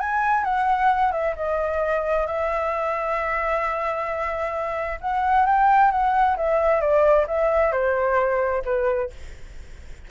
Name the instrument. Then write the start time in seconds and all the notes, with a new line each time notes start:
flute
0.00 G#5
0.44 F#5
1.12 E5
1.36 D#5
2.27 E5
5.01 F#5
5.46 G5
5.91 F#5
6.37 E5
6.81 D5
7.27 E5
7.72 C5
8.65 B4